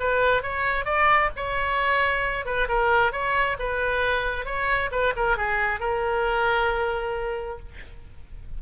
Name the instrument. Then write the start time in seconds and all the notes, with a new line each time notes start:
oboe
0.00 B4
0.43 C#5
0.85 D5
1.36 C#5
2.45 B4
2.68 A#4
3.12 C#5
3.59 B4
4.46 C#5
4.91 B4
5.16 A#4
5.37 G#4
5.80 A#4